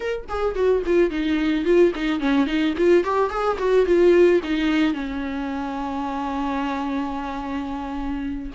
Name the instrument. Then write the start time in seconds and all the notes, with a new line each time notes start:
viola
0.00 A#4
0.29 G#4
0.55 F#4
0.85 F4
1.10 D#4
1.64 F4
1.95 D#4
2.19 C#4
2.46 D#4
2.77 F4
3.04 G4
3.30 G#4
3.58 F#4
3.86 F4
4.43 D#4
4.93 C#4